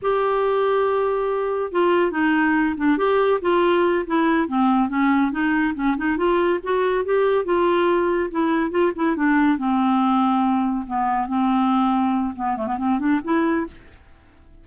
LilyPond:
\new Staff \with { instrumentName = "clarinet" } { \time 4/4 \tempo 4 = 141 g'1 | f'4 dis'4. d'8 g'4 | f'4. e'4 c'4 cis'8~ | cis'8 dis'4 cis'8 dis'8 f'4 fis'8~ |
fis'8 g'4 f'2 e'8~ | e'8 f'8 e'8 d'4 c'4.~ | c'4. b4 c'4.~ | c'4 b8 a16 b16 c'8 d'8 e'4 | }